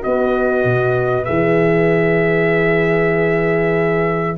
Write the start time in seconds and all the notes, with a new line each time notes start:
0.00 B3 F#4 B4 D#5
0.65 B2
1.25 E3 G#4 E5